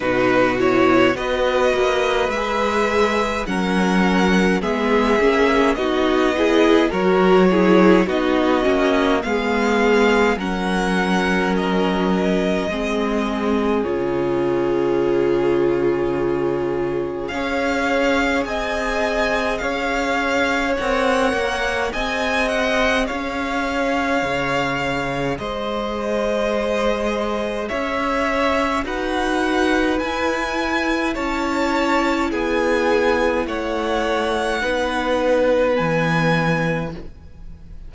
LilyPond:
<<
  \new Staff \with { instrumentName = "violin" } { \time 4/4 \tempo 4 = 52 b'8 cis''8 dis''4 e''4 fis''4 | e''4 dis''4 cis''4 dis''4 | f''4 fis''4 dis''2 | cis''2. f''4 |
gis''4 f''4 fis''4 gis''8 fis''8 | f''2 dis''2 | e''4 fis''4 gis''4 a''4 | gis''4 fis''2 gis''4 | }
  \new Staff \with { instrumentName = "violin" } { \time 4/4 fis'4 b'2 ais'4 | gis'4 fis'8 gis'8 ais'8 gis'8 fis'4 | gis'4 ais'2 gis'4~ | gis'2. cis''4 |
dis''4 cis''2 dis''4 | cis''2 c''2 | cis''4 b'2 cis''4 | gis'4 cis''4 b'2 | }
  \new Staff \with { instrumentName = "viola" } { \time 4/4 dis'8 e'8 fis'4 gis'4 cis'4 | b8 cis'8 dis'8 e'8 fis'8 e'8 dis'8 cis'8 | b4 cis'2 c'4 | f'2. gis'4~ |
gis'2 ais'4 gis'4~ | gis'1~ | gis'4 fis'4 e'2~ | e'2 dis'4 b4 | }
  \new Staff \with { instrumentName = "cello" } { \time 4/4 b,4 b8 ais8 gis4 fis4 | gis8 ais8 b4 fis4 b8 ais8 | gis4 fis2 gis4 | cis2. cis'4 |
c'4 cis'4 c'8 ais8 c'4 | cis'4 cis4 gis2 | cis'4 dis'4 e'4 cis'4 | b4 a4 b4 e4 | }
>>